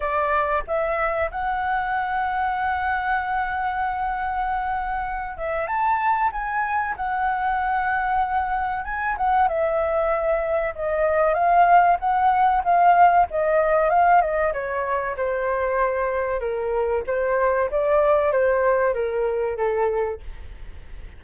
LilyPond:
\new Staff \with { instrumentName = "flute" } { \time 4/4 \tempo 4 = 95 d''4 e''4 fis''2~ | fis''1~ | fis''8 e''8 a''4 gis''4 fis''4~ | fis''2 gis''8 fis''8 e''4~ |
e''4 dis''4 f''4 fis''4 | f''4 dis''4 f''8 dis''8 cis''4 | c''2 ais'4 c''4 | d''4 c''4 ais'4 a'4 | }